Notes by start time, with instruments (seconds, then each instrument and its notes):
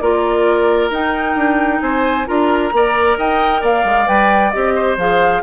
0.00 bassoon A#3, clarinet F4, oboe A#4, flute D5
0.91 bassoon D#4, clarinet D#4, flute G5
1.36 bassoon D4
1.82 bassoon C4, oboe C5, flute G#5
2.27 bassoon D4, clarinet F4, oboe A#4, flute A#5
2.73 bassoon A#3, clarinet A#4, oboe D5
3.18 bassoon D#4, oboe D#5, flute G5
3.62 bassoon A#3, oboe D5, flute F5
3.85 bassoon G#3
4.06 bassoon G3, clarinet B4, flute G5
4.51 bassoon C4, clarinet G4, flute D#5
4.76 oboe C5
4.98 bassoon F3, clarinet G#4, flute F5